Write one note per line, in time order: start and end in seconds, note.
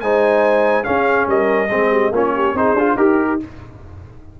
0.00 0.85 G#3
0.00 0.84 D#4
0.00 0.86 C5
0.00 0.84 G#5
0.84 1.68 C#4
0.84 1.26 C#4
0.84 1.28 G#4
0.84 1.26 F5
1.26 1.69 G3
1.26 1.70 A#4
1.26 2.14 D#5
1.70 2.11 G#3
1.70 2.12 C4
1.70 1.91 G#4
1.91 2.12 G4
2.11 2.53 A#3
2.11 2.55 C#4
2.11 2.34 F4
2.17 2.57 C#5
2.35 2.56 G4
2.53 2.73 C4
2.53 2.76 D#4
2.53 2.97 G#4
2.53 2.97 C5
2.73 2.94 D4
2.73 2.97 F4
2.96 3.38 D#4
2.96 3.39 G4
2.96 3.39 A#4